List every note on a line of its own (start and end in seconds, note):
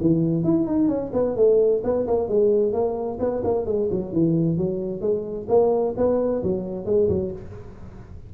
0.00 0.44 E3
0.44 0.66 E4
0.67 0.88 D#4
0.88 1.11 C#4
1.13 1.36 B3
1.36 1.82 A3
1.83 2.06 B3
2.07 2.28 A#3
2.28 2.72 G#3
2.72 3.18 A#3
3.19 3.42 B3
3.44 3.66 A#3
3.66 3.88 G#3
3.90 4.12 F#3
4.12 4.57 E3
4.57 5.01 F#3
5.01 5.46 G#3
5.48 5.94 A#3
5.96 6.42 B3
6.43 6.85 F#3
6.85 7.08 G#3
7.09 7.32 F#3